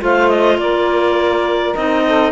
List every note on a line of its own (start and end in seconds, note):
0.00 0.57 A3
0.00 1.75 F4
0.00 0.59 C5
0.00 0.29 F5
0.29 0.58 D#5
0.57 1.74 A#3
0.57 2.04 A#4
0.57 1.75 D5
1.75 2.32 C4
1.75 2.32 D#4
1.75 2.32 D#5
2.06 2.32 A4